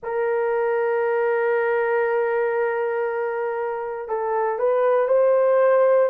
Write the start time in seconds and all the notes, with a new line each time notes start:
0.02 A#4
4.08 A4
4.59 B4
5.08 C5